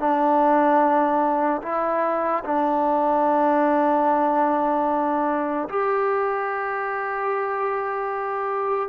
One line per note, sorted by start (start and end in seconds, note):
0.00 1.62 D4
1.63 2.44 E4
2.45 5.69 D4
5.69 8.89 G4